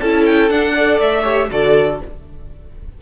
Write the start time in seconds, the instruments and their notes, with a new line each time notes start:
0.00 cello C#4, viola E4, violin A4 A5
0.25 violin G5
0.50 viola D4, cello D4, violin F#5
0.74 viola A4, violin D5
1.00 cello A3, violin E5
1.23 viola G4, violin C#5
1.51 cello D3, viola F#4, violin A4 D5